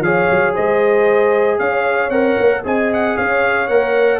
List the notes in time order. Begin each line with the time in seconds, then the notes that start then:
0.00 F3 G#4 C#5 F5
0.30 F#3
0.54 G#3 C5 D#5
1.58 C#4 C#5 F5
2.09 C4 A#4 F#5
2.38 A#3
2.63 C4 G#4 D#5 G#5
2.93 F#5
3.16 C#4 C#5 F5
3.67 A#3 A#4 F#5